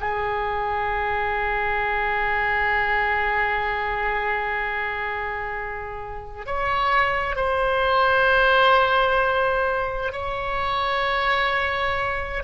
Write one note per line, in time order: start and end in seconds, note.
0.00 6.46 G#4
6.46 7.36 C#5
7.36 10.12 C5
10.12 12.43 C#5